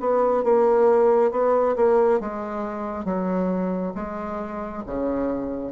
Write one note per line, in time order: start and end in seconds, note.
0.00 0.43 B3
0.43 1.32 A#3
1.32 1.76 B3
1.76 2.20 A#3
2.20 3.05 G#3
3.05 3.93 F#3
3.95 4.83 G#3
4.86 5.72 C#3